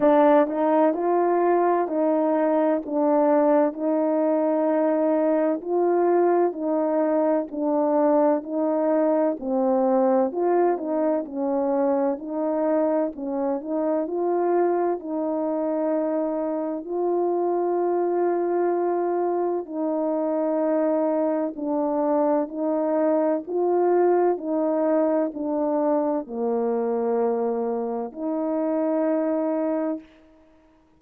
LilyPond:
\new Staff \with { instrumentName = "horn" } { \time 4/4 \tempo 4 = 64 d'8 dis'8 f'4 dis'4 d'4 | dis'2 f'4 dis'4 | d'4 dis'4 c'4 f'8 dis'8 | cis'4 dis'4 cis'8 dis'8 f'4 |
dis'2 f'2~ | f'4 dis'2 d'4 | dis'4 f'4 dis'4 d'4 | ais2 dis'2 | }